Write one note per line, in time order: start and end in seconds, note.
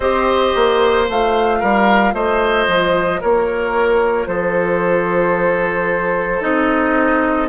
0.00 0.53 C4
0.00 1.07 G4
0.00 1.59 C5
0.00 1.06 D#5
0.55 1.09 A#3
1.07 1.62 A3
1.07 6.40 F4
1.07 2.14 F5
1.60 2.13 G3
1.60 2.13 A#4
2.13 2.67 A3
2.13 3.21 C5
2.13 3.21 D#5
2.67 3.21 F3
3.21 4.27 A#3
3.21 4.28 A#4
3.21 4.27 C#5
4.27 6.41 F3
4.27 7.49 A4
4.27 6.41 C5
6.40 7.49 C4
6.40 7.48 D#4
6.40 7.48 D#5